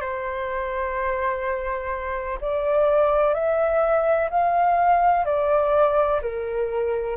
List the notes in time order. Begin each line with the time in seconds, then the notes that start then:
0.00 C5
2.40 D5
3.34 E5
4.30 F5
5.25 D5
6.21 A#4